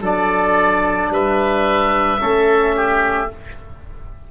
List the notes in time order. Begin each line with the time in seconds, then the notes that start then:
0.00 F#3 D4 A4 D5
1.09 G3 B4 E5
2.19 A3 C#4 A4
2.75 G4